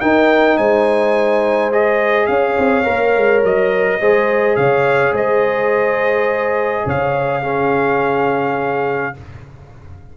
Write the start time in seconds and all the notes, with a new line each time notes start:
0.00 D#4 A#4 G5
0.57 G#3 C5 G#5
1.72 G#4 D#5
2.26 C#4 C#5 F5
2.58 C4
2.84 A#3 A#4
3.16 G#3
3.43 F#3 D#5
4.00 G#3 G#4 C5
4.56 C#3 C#5 F5
5.12 G#3 C5 D#5
6.85 C#3 C#5 F5
7.42 C#4 G#4